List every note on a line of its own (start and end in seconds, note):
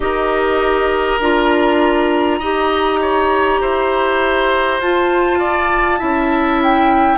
0.00 1.20 D#4
0.00 1.20 G4
0.00 2.39 A#4
0.00 1.20 D#5
1.20 2.40 D4
1.20 2.41 F4
1.20 4.81 A#5
2.39 3.60 D#4
2.39 4.82 G4
2.39 2.99 D#5
3.01 3.60 C#5
3.60 4.79 E4
3.60 5.38 C5
4.79 5.99 F4
4.79 5.98 F4
4.79 6.61 A5
5.38 5.99 D5
5.98 7.17 C#4
5.98 7.17 E4
5.98 7.17 E5
6.62 7.17 G5